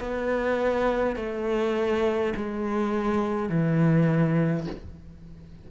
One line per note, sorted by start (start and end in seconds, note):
0.00 1.17 B3
1.17 2.34 A3
2.36 3.49 G#3
3.49 4.67 E3